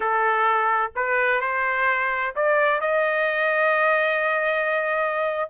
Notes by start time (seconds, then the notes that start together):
0.00 A4
0.95 B4
1.40 C5
2.35 D5
2.80 D#5